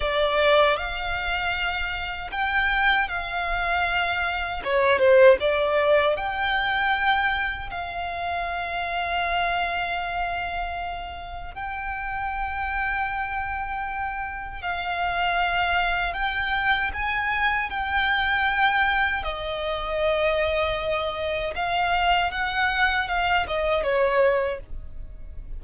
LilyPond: \new Staff \with { instrumentName = "violin" } { \time 4/4 \tempo 4 = 78 d''4 f''2 g''4 | f''2 cis''8 c''8 d''4 | g''2 f''2~ | f''2. g''4~ |
g''2. f''4~ | f''4 g''4 gis''4 g''4~ | g''4 dis''2. | f''4 fis''4 f''8 dis''8 cis''4 | }